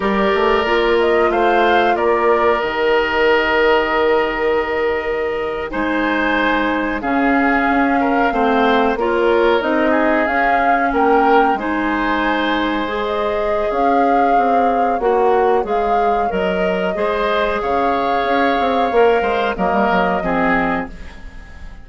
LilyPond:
<<
  \new Staff \with { instrumentName = "flute" } { \time 4/4 \tempo 4 = 92 d''4. dis''8 f''4 d''4 | dis''1~ | dis''8. gis''2 f''4~ f''16~ | f''4.~ f''16 cis''4 dis''4 f''16~ |
f''8. g''4 gis''2~ gis''16 | dis''4 f''2 fis''4 | f''4 dis''2 f''4~ | f''2 dis''2 | }
  \new Staff \with { instrumentName = "oboe" } { \time 4/4 ais'2 c''4 ais'4~ | ais'1~ | ais'8. c''2 gis'4~ gis'16~ | gis'16 ais'8 c''4 ais'4. gis'8.~ |
gis'8. ais'4 c''2~ c''16~ | c''4 cis''2.~ | cis''2 c''4 cis''4~ | cis''4. c''8 ais'4 gis'4 | }
  \new Staff \with { instrumentName = "clarinet" } { \time 4/4 g'4 f'2. | g'1~ | g'8. dis'2 cis'4~ cis'16~ | cis'8. c'4 f'4 dis'4 cis'16~ |
cis'4.~ cis'16 dis'2 gis'16~ | gis'2. fis'4 | gis'4 ais'4 gis'2~ | gis'4 ais'4 ais4 c'4 | }
  \new Staff \with { instrumentName = "bassoon" } { \time 4/4 g8 a8 ais4 a4 ais4 | dis1~ | dis8. gis2 cis4 cis'16~ | cis'8. a4 ais4 c'4 cis'16~ |
cis'8. ais4 gis2~ gis16~ | gis4 cis'4 c'4 ais4 | gis4 fis4 gis4 cis4 | cis'8 c'8 ais8 gis8 fis16 g16 fis8 f4 | }
>>